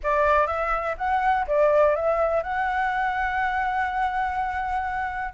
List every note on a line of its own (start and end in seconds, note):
0.03 0.47 D5
0.47 0.95 E5
0.97 1.46 F#5
1.47 1.95 D5
1.95 2.42 E5
2.42 5.33 F#5